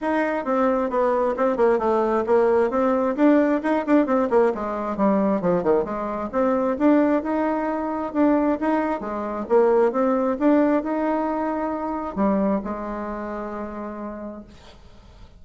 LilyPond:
\new Staff \with { instrumentName = "bassoon" } { \time 4/4 \tempo 4 = 133 dis'4 c'4 b4 c'8 ais8 | a4 ais4 c'4 d'4 | dis'8 d'8 c'8 ais8 gis4 g4 | f8 dis8 gis4 c'4 d'4 |
dis'2 d'4 dis'4 | gis4 ais4 c'4 d'4 | dis'2. g4 | gis1 | }